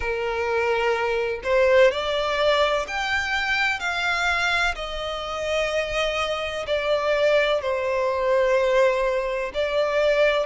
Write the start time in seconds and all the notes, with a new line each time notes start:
0.00 A#4
1.43 C5
1.90 D5
2.87 G5
3.79 F5
4.75 D#5
6.67 D5
7.61 C5
9.54 D5